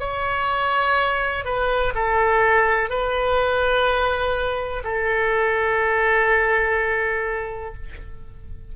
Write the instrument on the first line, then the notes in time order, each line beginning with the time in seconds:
oboe
0.00 C#5
1.45 B4
1.95 A4
2.90 B4
4.84 A4